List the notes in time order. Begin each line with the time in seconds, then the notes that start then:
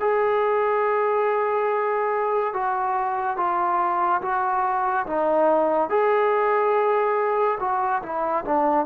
0.00 G#4
2.54 F#4
3.37 F4
4.21 F#4
5.06 D#4
5.89 G#4
7.60 F#4
8.02 E4
8.45 D4